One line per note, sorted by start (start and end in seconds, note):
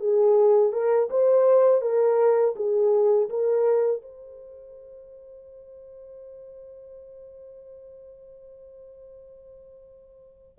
0.00 0.73 G#4
0.73 1.09 A#4
1.10 1.82 C5
1.82 2.55 A#4
2.56 3.29 G#4
3.29 4.02 A#4
4.02 10.59 C5